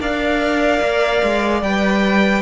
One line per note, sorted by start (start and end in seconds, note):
0.00 0.81 D4
0.00 1.62 A#4
0.00 2.42 D5
0.00 1.62 F5
0.82 1.22 A#3
1.23 1.62 G#3
1.62 2.42 G3
1.62 2.42 B4
1.62 2.42 G5